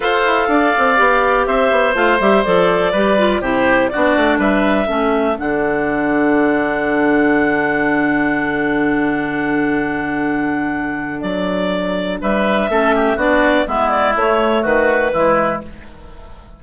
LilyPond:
<<
  \new Staff \with { instrumentName = "clarinet" } { \time 4/4 \tempo 4 = 123 f''2. e''4 | f''8 e''8 d''2 c''4 | d''4 e''2 fis''4~ | fis''1~ |
fis''1~ | fis''2. d''4~ | d''4 e''2 d''4 | e''8 d''8 cis''4 b'2 | }
  \new Staff \with { instrumentName = "oboe" } { \time 4/4 c''4 d''2 c''4~ | c''2 b'4 g'4 | fis'4 b'4 a'2~ | a'1~ |
a'1~ | a'1~ | a'4 b'4 a'8 g'8 fis'4 | e'2 fis'4 e'4 | }
  \new Staff \with { instrumentName = "clarinet" } { \time 4/4 a'2 g'2 | f'8 g'8 a'4 g'8 f'8 e'4 | d'2 cis'4 d'4~ | d'1~ |
d'1~ | d'1~ | d'2 cis'4 d'4 | b4 a2 gis4 | }
  \new Staff \with { instrumentName = "bassoon" } { \time 4/4 f'8 e'8 d'8 c'8 b4 c'8 b8 | a8 g8 f4 g4 c4 | b8 a8 g4 a4 d4~ | d1~ |
d1~ | d2. fis4~ | fis4 g4 a4 b4 | gis4 a4 dis4 e4 | }
>>